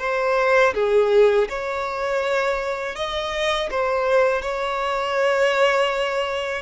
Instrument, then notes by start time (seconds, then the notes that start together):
violin
0.00 C5
0.75 G#4
1.49 C#5
2.96 D#5
3.71 C5
4.42 C#5